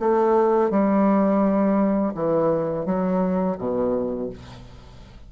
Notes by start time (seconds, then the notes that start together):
0.00 A3
0.71 G3
2.15 E3
2.86 F#3
3.59 B2